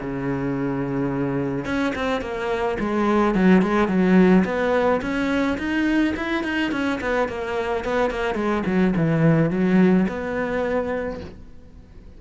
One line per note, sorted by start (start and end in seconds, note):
0.00 1.65 C#3
1.65 1.93 C#4
1.95 2.21 C4
2.21 2.77 A#3
2.79 3.35 G#3
3.35 3.62 F#3
3.62 3.88 G#3
3.88 4.44 F#3
4.45 5.01 B3
5.02 5.58 C#4
5.58 6.14 D#4
6.16 6.44 E4
6.44 6.71 D#4
6.71 6.99 C#4
7.01 7.28 B3
7.28 7.84 A#3
7.85 8.10 B3
8.10 8.35 A#3
8.35 8.63 G#3
8.66 8.94 F#3
8.96 9.50 E3
9.50 10.07 F#3
10.08 11.20 B3